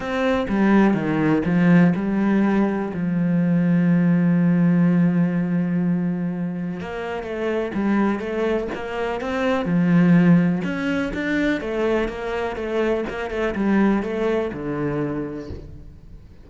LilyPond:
\new Staff \with { instrumentName = "cello" } { \time 4/4 \tempo 4 = 124 c'4 g4 dis4 f4 | g2 f2~ | f1~ | f2 ais4 a4 |
g4 a4 ais4 c'4 | f2 cis'4 d'4 | a4 ais4 a4 ais8 a8 | g4 a4 d2 | }